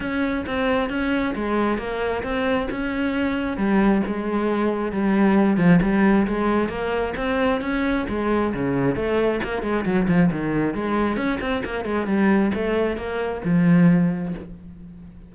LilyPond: \new Staff \with { instrumentName = "cello" } { \time 4/4 \tempo 4 = 134 cis'4 c'4 cis'4 gis4 | ais4 c'4 cis'2 | g4 gis2 g4~ | g8 f8 g4 gis4 ais4 |
c'4 cis'4 gis4 cis4 | a4 ais8 gis8 fis8 f8 dis4 | gis4 cis'8 c'8 ais8 gis8 g4 | a4 ais4 f2 | }